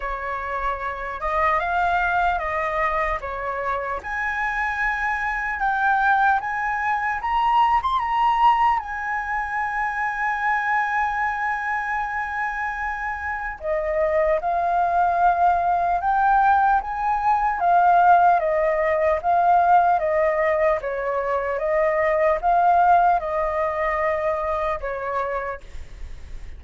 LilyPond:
\new Staff \with { instrumentName = "flute" } { \time 4/4 \tempo 4 = 75 cis''4. dis''8 f''4 dis''4 | cis''4 gis''2 g''4 | gis''4 ais''8. c'''16 ais''4 gis''4~ | gis''1~ |
gis''4 dis''4 f''2 | g''4 gis''4 f''4 dis''4 | f''4 dis''4 cis''4 dis''4 | f''4 dis''2 cis''4 | }